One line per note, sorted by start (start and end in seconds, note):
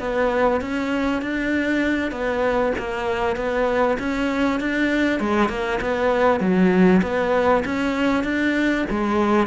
0.00 0.61 B3
0.62 1.22 C#4
1.22 2.12 D4
2.12 2.73 B3
2.79 3.37 A#3
3.37 3.98 B3
4.00 4.61 C#4
4.61 5.20 D4
5.20 5.49 G#3
5.49 5.80 A#3
5.82 6.41 B3
6.41 7.02 F#3
7.03 7.64 B3
7.66 8.24 C#4
8.24 8.86 D4
8.91 9.48 G#3